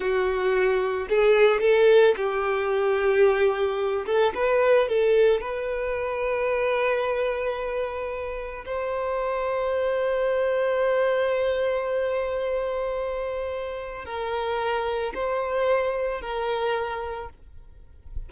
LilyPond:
\new Staff \with { instrumentName = "violin" } { \time 4/4 \tempo 4 = 111 fis'2 gis'4 a'4 | g'2.~ g'8 a'8 | b'4 a'4 b'2~ | b'1 |
c''1~ | c''1~ | c''2 ais'2 | c''2 ais'2 | }